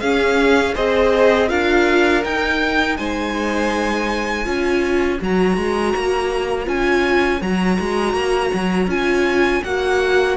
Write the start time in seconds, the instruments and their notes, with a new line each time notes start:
0.00 cello C#4, viola C#4, violin G#4 F5
0.75 cello C4, viola G#4, violin C5 D#5
1.48 cello D4, viola F4, violin A#4 F5
2.24 viola D#4, cello D#4, violin G5
2.97 cello G#3, violin C5 G#5
4.44 cello C#4, viola F4, violin C#5
5.20 cello F#3, viola F#4, violin A#5
5.56 cello G#3
5.96 cello A#3
6.65 cello C#4, viola F4, violin G#5
7.41 cello F#3, viola F#4, violin A#5
7.80 cello G#3
8.14 cello A#3
8.53 cello F#3
8.87 cello C#4, viola F4, violin G#5
9.63 cello A#3, viola F#4, violin F#5